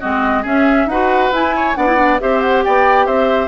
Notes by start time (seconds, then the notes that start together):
0.00 G#3 C4 F#4 D#5
0.42 C#4 G#4 E5
0.86 D#4 F#4 B4 F#5
1.32 E4 G#5
1.56 C#5
1.75 B3 D4 D5 F#5
1.87 E4
1.96 D4
2.20 C4 G4 C5 E5
2.41 F#5
2.64 B3 D5 G5
3.06 C4 C5 E5